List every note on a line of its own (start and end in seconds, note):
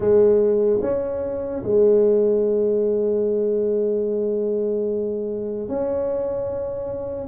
0.00 0.80 G#3
0.81 1.62 C#4
1.63 5.68 G#3
5.68 7.27 C#4